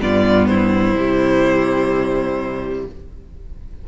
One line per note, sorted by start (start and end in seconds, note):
0.00 0.95 G2
0.00 0.95 B3
0.00 0.49 F4
0.00 0.46 D5
0.46 2.87 E4
0.46 2.85 C5
0.95 2.85 C3
0.95 2.88 G3